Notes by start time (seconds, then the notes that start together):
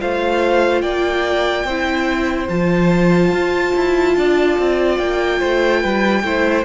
0.00 A3 F4 C5 F5
0.82 A#3 D5 G5
1.65 C4 E4 C5
2.49 F3 F4 A5
3.32 F4
3.77 E4
4.17 D4 D5
4.59 C4
4.98 A#3 G5
5.40 A3 C5
5.81 G3 B4
6.24 A3 E4 C5